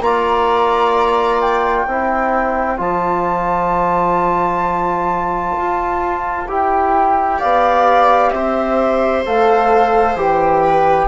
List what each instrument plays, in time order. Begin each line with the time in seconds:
0.00 bassoon A#3, trombone F4, viola D5, flute A#5
1.41 flute G5
1.84 bassoon C4, trombone E4, viola C5
2.77 bassoon F3, trombone F4, flute A5
5.57 bassoon F4
6.47 bassoon E4, trombone G4, flute G5
7.38 bassoon B3, viola D5, flute F5
8.31 bassoon C4, viola C5, flute E5
9.25 bassoon A3, trombone A4, flute F5
10.15 bassoon E3, trombone G4, flute G5
10.62 viola B4